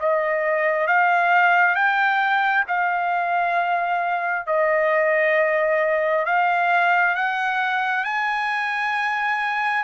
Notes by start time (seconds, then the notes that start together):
0.00 D#5
0.88 F5
1.75 G5
2.68 F5
4.47 D#5
6.26 F5
7.16 F#5
8.05 G#5